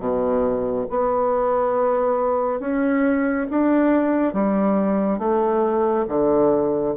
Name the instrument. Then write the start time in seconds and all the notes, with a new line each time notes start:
bassoon
0.00 B2
0.91 B3
2.60 C#4
3.51 D4
4.34 G3
5.19 A3
6.09 D3